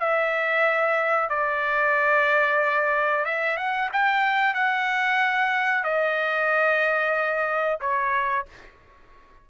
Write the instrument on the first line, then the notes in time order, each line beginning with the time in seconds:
trumpet
0.00 E5
1.30 D5
3.25 E5
3.57 F#5
3.93 G5
4.55 F#5
5.84 D#5
7.81 C#5